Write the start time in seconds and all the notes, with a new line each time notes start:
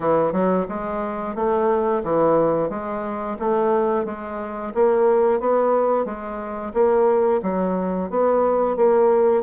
0.00 E3
0.32 F#3
0.68 G#3
1.35 A3
2.03 E3
2.69 G#3
3.39 A3
4.05 G#3
4.74 A#3
5.39 B3
6.05 G#3
6.73 A#3
7.42 F#3
8.10 B3
8.76 A#3